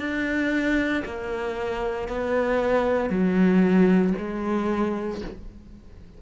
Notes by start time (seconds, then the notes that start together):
0.00 D4
1.05 A#3
2.08 B3
3.10 F#3
4.18 G#3